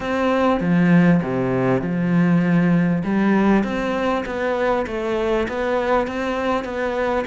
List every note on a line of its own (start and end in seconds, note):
0.00 0.60 C4
0.60 1.21 F3
1.23 1.81 C3
1.81 3.02 F3
3.04 3.63 G3
3.63 4.24 C4
4.25 4.86 B3
4.87 5.47 A3
5.48 6.07 B3
6.07 6.64 C4
6.64 7.25 B3